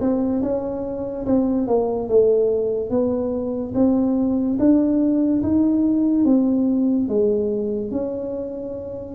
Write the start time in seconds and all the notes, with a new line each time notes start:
0.00 C4
0.42 C#4
1.25 C4
1.67 A#3
2.08 A3
2.89 B3
3.74 C4
4.59 D4
5.42 D#4
6.25 C4
7.08 G#3
7.91 C#4